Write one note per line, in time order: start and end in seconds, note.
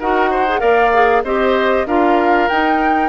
0.00 0.62 D#4
0.00 0.48 F#4
0.00 0.31 A#4
0.00 0.61 F#5
0.31 0.61 C5
0.49 0.60 G#4
0.60 1.24 A#3
0.60 0.91 A#4
0.60 1.23 D5
0.60 1.23 F5
0.94 1.25 G#4
1.24 1.86 C4
1.24 1.88 G4
1.24 1.87 C5
1.24 1.87 D#5
1.86 2.49 D4
1.86 2.50 F4
1.86 3.10 A#4
1.86 2.49 F5
2.49 3.10 D#4
2.49 3.10 G5